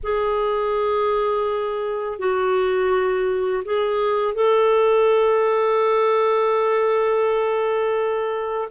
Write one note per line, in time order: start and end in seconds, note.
0.03 2.18 G#4
2.18 3.63 F#4
3.64 4.34 G#4
4.34 8.68 A4